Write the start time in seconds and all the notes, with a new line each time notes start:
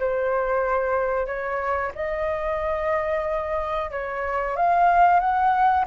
0.00 C5
1.27 C#5
1.95 D#5
3.91 C#5
4.57 F5
5.20 F#5